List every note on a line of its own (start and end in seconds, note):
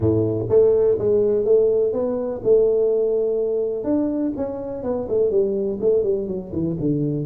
0.00 0.47 A2
0.49 0.97 A3
0.98 1.44 G#3
1.44 1.92 A3
1.92 2.41 B3
2.43 3.84 A3
3.84 4.32 D4
4.36 4.83 C#4
4.83 5.07 B3
5.09 5.30 A3
5.30 5.78 G3
5.80 6.03 A3
6.03 6.27 G3
6.27 6.51 F#3
6.52 6.76 E3
6.79 7.25 D3